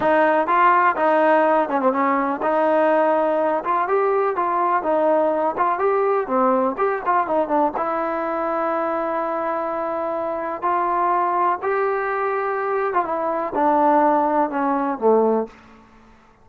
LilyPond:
\new Staff \with { instrumentName = "trombone" } { \time 4/4 \tempo 4 = 124 dis'4 f'4 dis'4. cis'16 c'16 | cis'4 dis'2~ dis'8 f'8 | g'4 f'4 dis'4. f'8 | g'4 c'4 g'8 f'8 dis'8 d'8 |
e'1~ | e'2 f'2 | g'2~ g'8. f'16 e'4 | d'2 cis'4 a4 | }